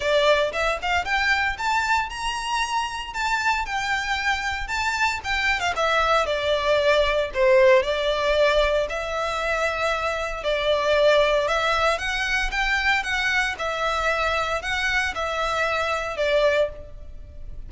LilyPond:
\new Staff \with { instrumentName = "violin" } { \time 4/4 \tempo 4 = 115 d''4 e''8 f''8 g''4 a''4 | ais''2 a''4 g''4~ | g''4 a''4 g''8. f''16 e''4 | d''2 c''4 d''4~ |
d''4 e''2. | d''2 e''4 fis''4 | g''4 fis''4 e''2 | fis''4 e''2 d''4 | }